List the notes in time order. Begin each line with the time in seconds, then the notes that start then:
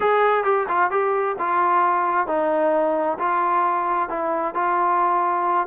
0.00 G#4
0.44 G4
0.68 F4
0.90 G4
1.39 F4
2.27 D#4
3.18 F4
4.09 E4
4.54 F4